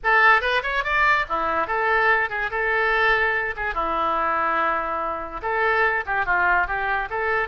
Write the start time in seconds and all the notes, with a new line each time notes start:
0.03 A4
0.41 B4
0.62 C#5
0.84 D5
1.28 E4
1.67 A4
2.29 G#4
2.50 A4
3.56 G#4
3.74 E4
5.42 A4
6.06 G4
6.25 F4
6.67 G4
7.09 A4